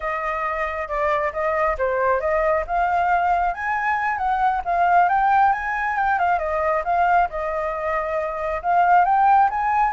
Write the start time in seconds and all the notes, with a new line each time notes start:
0.00 D#5
0.87 D5
1.32 D#5
1.78 C5
2.20 D#5
2.66 F5
3.54 G#5
4.17 F#5
4.64 F5
5.08 G5
5.52 G#5
5.96 G5
6.18 F5
6.39 D#5
6.84 F5
7.29 D#5
8.62 F5
9.04 G5
9.50 G#5